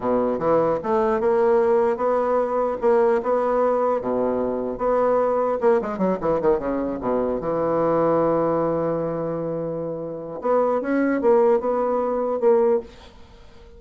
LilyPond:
\new Staff \with { instrumentName = "bassoon" } { \time 4/4 \tempo 4 = 150 b,4 e4 a4 ais4~ | ais4 b2 ais4 | b2 b,2 | b2 ais8 gis8 fis8 e8 |
dis8 cis4 b,4 e4.~ | e1~ | e2 b4 cis'4 | ais4 b2 ais4 | }